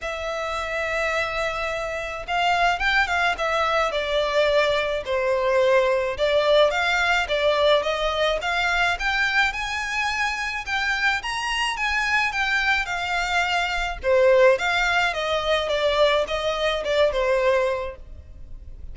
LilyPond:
\new Staff \with { instrumentName = "violin" } { \time 4/4 \tempo 4 = 107 e''1 | f''4 g''8 f''8 e''4 d''4~ | d''4 c''2 d''4 | f''4 d''4 dis''4 f''4 |
g''4 gis''2 g''4 | ais''4 gis''4 g''4 f''4~ | f''4 c''4 f''4 dis''4 | d''4 dis''4 d''8 c''4. | }